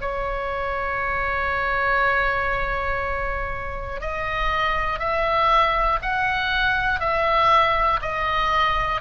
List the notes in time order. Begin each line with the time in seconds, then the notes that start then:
0.00 C#5
4.00 D#5
4.99 E5
6.02 F#5
7.00 E5
8.01 D#5